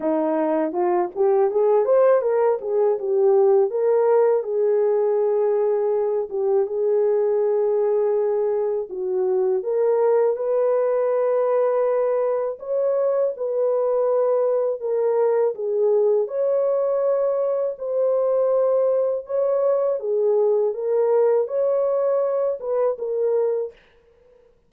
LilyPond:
\new Staff \with { instrumentName = "horn" } { \time 4/4 \tempo 4 = 81 dis'4 f'8 g'8 gis'8 c''8 ais'8 gis'8 | g'4 ais'4 gis'2~ | gis'8 g'8 gis'2. | fis'4 ais'4 b'2~ |
b'4 cis''4 b'2 | ais'4 gis'4 cis''2 | c''2 cis''4 gis'4 | ais'4 cis''4. b'8 ais'4 | }